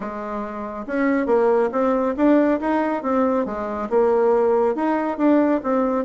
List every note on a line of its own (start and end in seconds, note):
0.00 0.85 G#3
0.86 1.26 C#4
1.26 1.69 A#3
1.71 2.15 C4
2.16 2.60 D4
2.60 3.03 D#4
3.03 3.45 C4
3.45 3.88 G#3
3.89 4.75 A#3
4.75 5.17 D#4
5.17 5.60 D4
5.63 6.04 C4